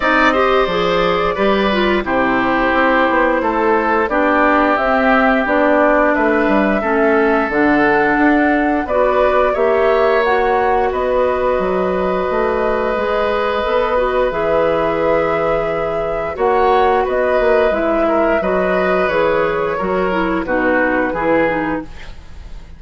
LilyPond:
<<
  \new Staff \with { instrumentName = "flute" } { \time 4/4 \tempo 4 = 88 dis''4 d''2 c''4~ | c''2 d''4 e''4 | d''4 e''2 fis''4~ | fis''4 d''4 e''4 fis''4 |
dis''1~ | dis''4 e''2. | fis''4 dis''4 e''4 dis''4 | cis''2 b'2 | }
  \new Staff \with { instrumentName = "oboe" } { \time 4/4 d''8 c''4. b'4 g'4~ | g'4 a'4 g'2~ | g'4 b'4 a'2~ | a'4 b'4 cis''2 |
b'1~ | b'1 | cis''4 b'4. ais'8 b'4~ | b'4 ais'4 fis'4 gis'4 | }
  \new Staff \with { instrumentName = "clarinet" } { \time 4/4 dis'8 g'8 gis'4 g'8 f'8 e'4~ | e'2 d'4 c'4 | d'2 cis'4 d'4~ | d'4 fis'4 g'4 fis'4~ |
fis'2. gis'4 | a'8 fis'8 gis'2. | fis'2 e'4 fis'4 | gis'4 fis'8 e'8 dis'4 e'8 dis'8 | }
  \new Staff \with { instrumentName = "bassoon" } { \time 4/4 c'4 f4 g4 c4 | c'8 b8 a4 b4 c'4 | b4 a8 g8 a4 d4 | d'4 b4 ais2 |
b4 fis4 a4 gis4 | b4 e2. | ais4 b8 ais8 gis4 fis4 | e4 fis4 b,4 e4 | }
>>